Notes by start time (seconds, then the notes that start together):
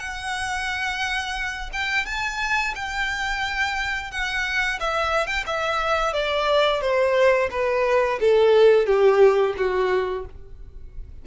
0.00 F#5
1.73 G5
2.06 A5
2.76 G5
4.12 F#5
4.80 E5
5.27 G5
5.47 E5
6.14 D5
6.82 C5
7.51 B4
8.21 A4
8.87 G4
9.58 F#4